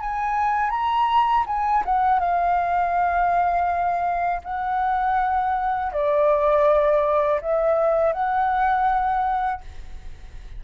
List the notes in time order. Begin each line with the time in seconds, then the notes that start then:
0.00 G#5
0.70 A#5
1.47 G#5
1.86 F#5
2.20 F5
4.44 F#5
5.93 D5
7.41 E5
8.13 F#5